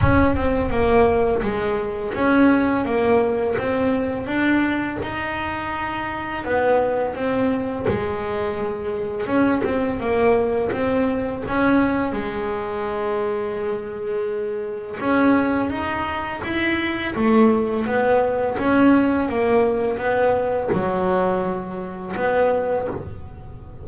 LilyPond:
\new Staff \with { instrumentName = "double bass" } { \time 4/4 \tempo 4 = 84 cis'8 c'8 ais4 gis4 cis'4 | ais4 c'4 d'4 dis'4~ | dis'4 b4 c'4 gis4~ | gis4 cis'8 c'8 ais4 c'4 |
cis'4 gis2.~ | gis4 cis'4 dis'4 e'4 | a4 b4 cis'4 ais4 | b4 fis2 b4 | }